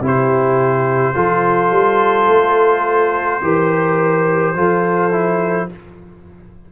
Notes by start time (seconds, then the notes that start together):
0.00 C3 E4 G4 C5
1.14 F3 F4 A4
1.70 G3
2.28 A3
3.41 E3 G4 A#4
4.54 F3 F4 A4
5.11 E4